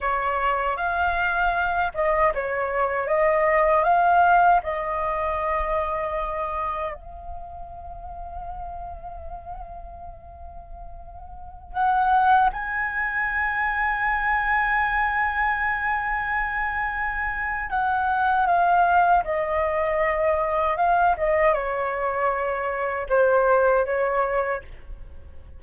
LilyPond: \new Staff \with { instrumentName = "flute" } { \time 4/4 \tempo 4 = 78 cis''4 f''4. dis''8 cis''4 | dis''4 f''4 dis''2~ | dis''4 f''2.~ | f''2.~ f''16 fis''8.~ |
fis''16 gis''2.~ gis''8.~ | gis''2. fis''4 | f''4 dis''2 f''8 dis''8 | cis''2 c''4 cis''4 | }